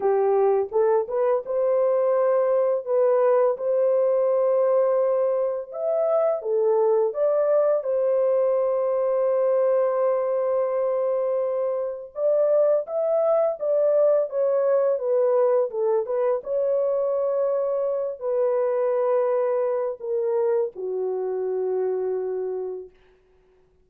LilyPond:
\new Staff \with { instrumentName = "horn" } { \time 4/4 \tempo 4 = 84 g'4 a'8 b'8 c''2 | b'4 c''2. | e''4 a'4 d''4 c''4~ | c''1~ |
c''4 d''4 e''4 d''4 | cis''4 b'4 a'8 b'8 cis''4~ | cis''4. b'2~ b'8 | ais'4 fis'2. | }